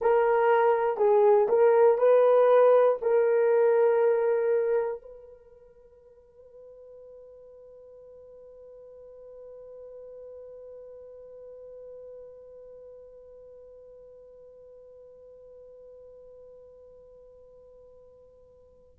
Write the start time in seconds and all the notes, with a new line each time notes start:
0.00 A#4
0.97 G#4
1.48 A#4
1.98 B4
3.01 A#4
5.01 B4